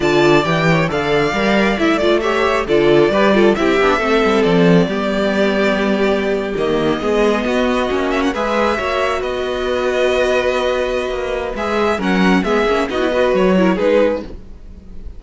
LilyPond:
<<
  \new Staff \with { instrumentName = "violin" } { \time 4/4 \tempo 4 = 135 a''4 g''4 f''2 | e''8 d''8 e''4 d''2 | e''2 d''2~ | d''2~ d''8. dis''4~ dis''16~ |
dis''2~ dis''16 e''16 fis''16 e''4~ e''16~ | e''8. dis''2.~ dis''16~ | dis''2 e''4 fis''4 | e''4 dis''4 cis''4 b'4 | }
  \new Staff \with { instrumentName = "violin" } { \time 4/4 d''4. cis''8 d''2~ | d''4 cis''4 a'4 b'8 a'8 | g'4 a'2 g'4~ | g'2.~ g'8. gis'16~ |
gis'8. fis'2 b'4 cis''16~ | cis''8. b'2.~ b'16~ | b'2. ais'4 | gis'4 fis'8 b'4 ais'8 gis'4 | }
  \new Staff \with { instrumentName = "viola" } { \time 4/4 f'4 g'4 a'4 ais'4 | e'8 f'8 g'4 f'4 g'8 f'8 | e'8 d'8 c'2 b4~ | b2~ b8. ais4 b16~ |
b4.~ b16 cis'4 gis'4 fis'16~ | fis'1~ | fis'2 gis'4 cis'4 | b8 cis'8 dis'16 e'16 fis'4 e'8 dis'4 | }
  \new Staff \with { instrumentName = "cello" } { \time 4/4 d4 e4 d4 g4 | a2 d4 g4 | c'8 b8 a8 g8 f4 g4~ | g2~ g8. dis4 gis16~ |
gis8. b4 ais4 gis4 ais16~ | ais8. b2.~ b16~ | b4 ais4 gis4 fis4 | gis8 ais8 b4 fis4 gis4 | }
>>